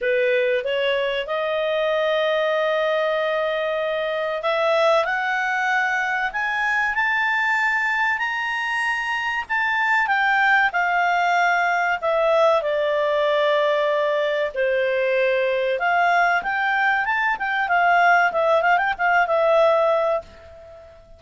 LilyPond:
\new Staff \with { instrumentName = "clarinet" } { \time 4/4 \tempo 4 = 95 b'4 cis''4 dis''2~ | dis''2. e''4 | fis''2 gis''4 a''4~ | a''4 ais''2 a''4 |
g''4 f''2 e''4 | d''2. c''4~ | c''4 f''4 g''4 a''8 g''8 | f''4 e''8 f''16 g''16 f''8 e''4. | }